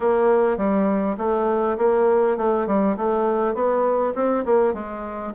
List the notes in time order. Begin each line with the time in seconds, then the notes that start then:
0.00 A#3
0.57 G3
1.17 A3
1.77 A#3
2.37 A3
2.66 G3
2.96 A3
3.54 B3
4.14 C4
4.45 A#3
4.73 G#3